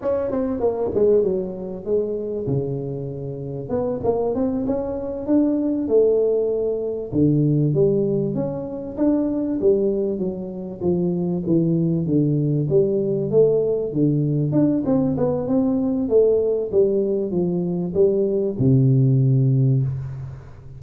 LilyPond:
\new Staff \with { instrumentName = "tuba" } { \time 4/4 \tempo 4 = 97 cis'8 c'8 ais8 gis8 fis4 gis4 | cis2 b8 ais8 c'8 cis'8~ | cis'8 d'4 a2 d8~ | d8 g4 cis'4 d'4 g8~ |
g8 fis4 f4 e4 d8~ | d8 g4 a4 d4 d'8 | c'8 b8 c'4 a4 g4 | f4 g4 c2 | }